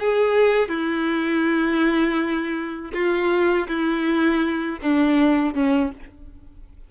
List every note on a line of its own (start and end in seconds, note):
0.00 0.69 G#4
0.69 2.92 E4
2.94 3.68 F4
3.68 4.79 E4
4.82 5.55 D4
5.55 5.92 C#4